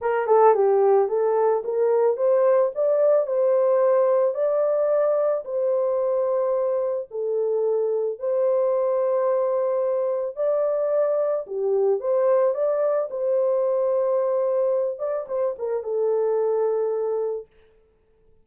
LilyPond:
\new Staff \with { instrumentName = "horn" } { \time 4/4 \tempo 4 = 110 ais'8 a'8 g'4 a'4 ais'4 | c''4 d''4 c''2 | d''2 c''2~ | c''4 a'2 c''4~ |
c''2. d''4~ | d''4 g'4 c''4 d''4 | c''2.~ c''8 d''8 | c''8 ais'8 a'2. | }